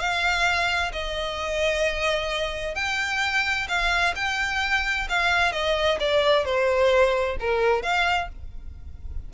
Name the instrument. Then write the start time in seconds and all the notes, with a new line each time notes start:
violin
0.00 F5
0.93 D#5
2.76 G5
3.69 F5
4.16 G5
5.09 F5
5.53 D#5
6.00 D5
6.45 C5
7.40 A#4
7.83 F5